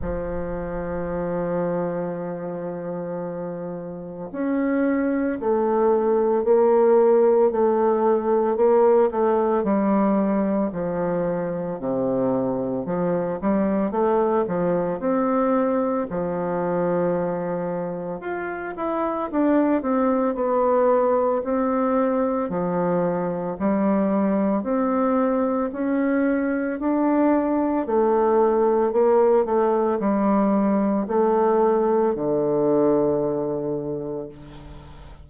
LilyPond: \new Staff \with { instrumentName = "bassoon" } { \time 4/4 \tempo 4 = 56 f1 | cis'4 a4 ais4 a4 | ais8 a8 g4 f4 c4 | f8 g8 a8 f8 c'4 f4~ |
f4 f'8 e'8 d'8 c'8 b4 | c'4 f4 g4 c'4 | cis'4 d'4 a4 ais8 a8 | g4 a4 d2 | }